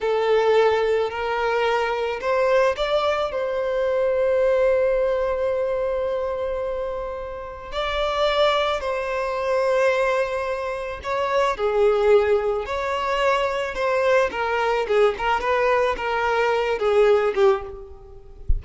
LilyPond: \new Staff \with { instrumentName = "violin" } { \time 4/4 \tempo 4 = 109 a'2 ais'2 | c''4 d''4 c''2~ | c''1~ | c''2 d''2 |
c''1 | cis''4 gis'2 cis''4~ | cis''4 c''4 ais'4 gis'8 ais'8 | b'4 ais'4. gis'4 g'8 | }